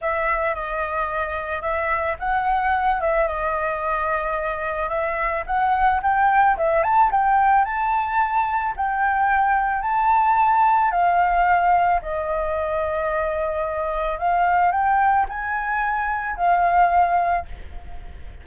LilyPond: \new Staff \with { instrumentName = "flute" } { \time 4/4 \tempo 4 = 110 e''4 dis''2 e''4 | fis''4. e''8 dis''2~ | dis''4 e''4 fis''4 g''4 | e''8 a''8 g''4 a''2 |
g''2 a''2 | f''2 dis''2~ | dis''2 f''4 g''4 | gis''2 f''2 | }